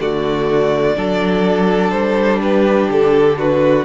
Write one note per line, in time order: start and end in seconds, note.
0.00 0.97 D3
0.00 0.96 A3
0.00 0.97 F#4
0.00 1.91 D5
0.96 1.92 F#3
0.96 3.85 D4
0.96 2.42 A4
1.91 2.89 G3
1.91 2.39 C5
2.42 3.38 G4
2.42 2.90 B4
2.90 3.85 D3
2.90 3.40 A4
3.38 3.85 F#4
3.38 3.85 B4